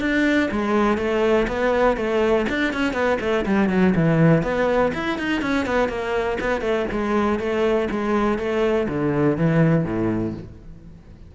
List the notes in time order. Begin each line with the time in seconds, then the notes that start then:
0.00 D4
0.51 G#3
0.97 A3
1.47 B3
1.96 A3
2.49 D4
2.73 C#4
2.93 B3
3.20 A3
3.45 G3
3.69 F#3
3.95 E3
4.42 B3
4.94 E4
5.18 D#4
5.41 C#4
5.66 B3
5.89 A#3
6.40 B3
6.61 A3
6.91 G#3
7.39 A3
7.90 G#3
8.38 A3
8.88 D3
9.37 E3
9.84 A2